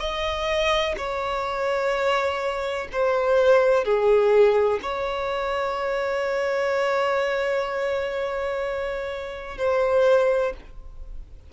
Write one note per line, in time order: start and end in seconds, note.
0.00 0.95 D#5
0.97 2.88 C#5
2.92 3.84 C5
3.84 4.80 G#4
4.82 9.58 C#5
9.58 10.53 C5